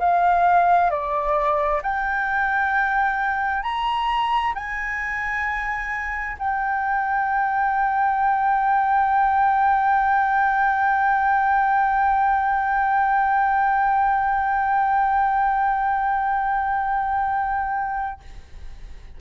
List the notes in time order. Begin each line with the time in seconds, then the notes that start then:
0.00 F5
0.91 D5
1.83 G5
3.63 A#5
4.55 G#5
6.39 G5